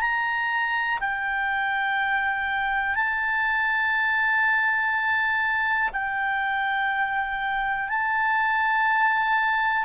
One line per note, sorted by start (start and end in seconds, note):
0.00 0.98 A#5
1.00 2.95 G5
2.95 5.90 A5
5.92 7.89 G5
7.89 9.85 A5